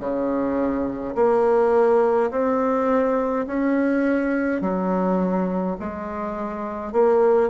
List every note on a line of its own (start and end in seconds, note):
0.00 1.15 C#3
1.15 2.31 A#3
2.31 3.47 C4
3.47 4.62 C#4
4.62 5.77 F#3
5.80 6.93 G#3
6.93 7.50 A#3